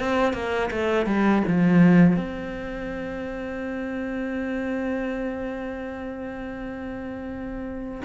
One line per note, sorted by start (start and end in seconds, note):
0.00 0.34 C4
0.34 0.70 A#3
0.71 1.06 A3
1.06 1.43 G3
1.48 2.17 F3
2.17 8.02 C4